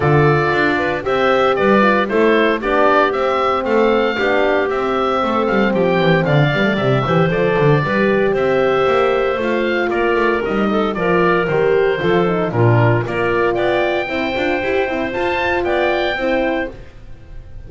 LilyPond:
<<
  \new Staff \with { instrumentName = "oboe" } { \time 4/4 \tempo 4 = 115 d''2 e''4 d''4 | c''4 d''4 e''4 f''4~ | f''4 e''4. f''8 g''4 | f''4 e''4 d''2 |
e''2 f''4 d''4 | dis''4 d''4 c''2 | ais'4 d''4 g''2~ | g''4 a''4 g''2 | }
  \new Staff \with { instrumentName = "clarinet" } { \time 4/4 a'4. b'8 c''4 b'4 | a'4 g'2 a'4 | g'2 a'4 g'4 | d''4. c''4. b'4 |
c''2. ais'4~ | ais'8 a'8 ais'2 a'4 | f'4 ais'4 d''4 c''4~ | c''2 d''4 c''4 | }
  \new Staff \with { instrumentName = "horn" } { \time 4/4 f'2 g'4. f'8 | e'4 d'4 c'2 | d'4 c'2.~ | c'8 b16 a16 g8 g'8 a'4 g'4~ |
g'2 f'2 | dis'4 f'4 g'4 f'8 dis'8 | d'4 f'2 e'8 f'8 | g'8 e'8 f'2 e'4 | }
  \new Staff \with { instrumentName = "double bass" } { \time 4/4 d4 d'4 c'4 g4 | a4 b4 c'4 a4 | b4 c'4 a8 g8 f8 e8 | d8 g8 c8 e8 f8 d8 g4 |
c'4 ais4 a4 ais8 a8 | g4 f4 dis4 f4 | ais,4 ais4 b4 c'8 d'8 | e'8 c'8 f'4 b4 c'4 | }
>>